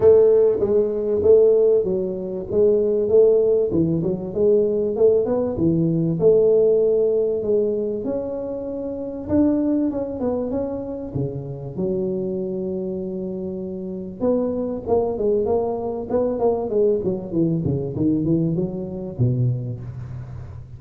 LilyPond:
\new Staff \with { instrumentName = "tuba" } { \time 4/4 \tempo 4 = 97 a4 gis4 a4 fis4 | gis4 a4 e8 fis8 gis4 | a8 b8 e4 a2 | gis4 cis'2 d'4 |
cis'8 b8 cis'4 cis4 fis4~ | fis2. b4 | ais8 gis8 ais4 b8 ais8 gis8 fis8 | e8 cis8 dis8 e8 fis4 b,4 | }